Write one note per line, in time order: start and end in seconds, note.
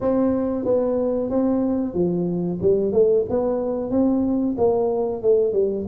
0.00 0.65 C4
0.65 1.30 B3
1.30 1.94 C4
1.94 2.59 F3
2.61 2.92 G3
2.92 3.25 A3
3.29 3.90 B3
3.90 4.55 C4
4.57 5.21 A#3
5.21 5.53 A3
5.53 5.85 G3